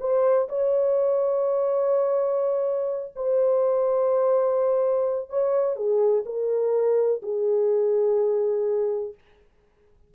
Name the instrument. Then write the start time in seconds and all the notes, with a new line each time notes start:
horn
0.00 C5
0.49 C#5
3.15 C5
5.30 C#5
5.76 G#4
6.26 A#4
7.22 G#4